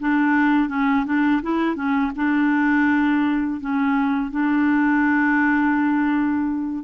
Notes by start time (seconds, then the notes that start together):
0.00 D4
0.69 C#4
1.06 D4
1.43 E4
1.76 C#4
2.16 D4
3.61 C#4
4.31 D4